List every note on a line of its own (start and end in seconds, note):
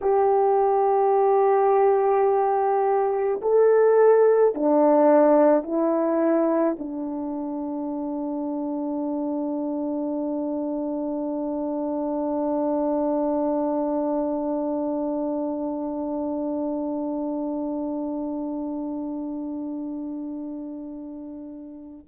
0.01 3.40 G4
3.41 4.54 A4
4.54 5.63 D4
5.63 6.76 E4
6.78 22.07 D4